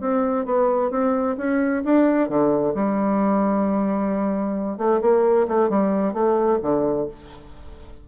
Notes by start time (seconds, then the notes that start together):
0.00 C4
0.45 B3
0.90 C4
1.37 C#4
1.85 D4
2.29 D3
2.74 G3
4.78 A3
5.01 A#3
5.48 A3
5.69 G3
6.13 A3
6.62 D3